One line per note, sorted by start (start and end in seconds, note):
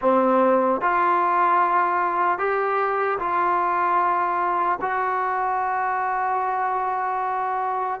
0.01 0.81 C4
0.81 2.38 F4
2.38 3.18 G4
3.19 4.79 F4
4.81 8.00 F#4